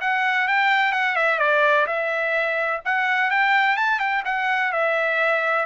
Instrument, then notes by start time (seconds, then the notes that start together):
trumpet
0.00 F#5
0.47 G5
0.92 F#5
1.15 E5
1.39 D5
1.86 E5
2.85 F#5
3.30 G5
3.76 A5
3.99 G5
4.25 F#5
4.72 E5